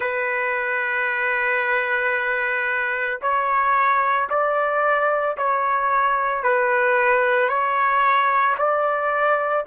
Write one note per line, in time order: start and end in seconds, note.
0.00 3.19 B4
3.21 4.29 C#5
4.29 5.36 D5
5.37 6.43 C#5
6.43 7.48 B4
7.48 8.55 C#5
8.57 9.64 D5